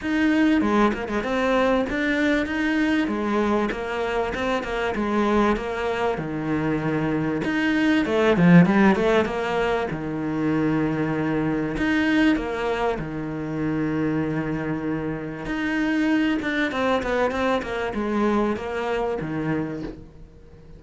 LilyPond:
\new Staff \with { instrumentName = "cello" } { \time 4/4 \tempo 4 = 97 dis'4 gis8 ais16 gis16 c'4 d'4 | dis'4 gis4 ais4 c'8 ais8 | gis4 ais4 dis2 | dis'4 a8 f8 g8 a8 ais4 |
dis2. dis'4 | ais4 dis2.~ | dis4 dis'4. d'8 c'8 b8 | c'8 ais8 gis4 ais4 dis4 | }